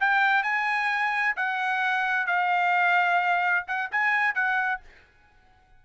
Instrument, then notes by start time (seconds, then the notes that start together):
trumpet
0.00 G5
0.43 G#5
1.36 F#5
2.26 F5
3.67 F#5
3.91 G#5
4.34 F#5